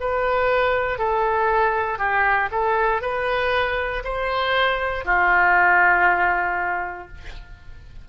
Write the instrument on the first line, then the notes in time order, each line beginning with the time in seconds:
oboe
0.00 B4
0.98 A4
1.98 G4
2.51 A4
3.02 B4
4.04 C5
5.05 F4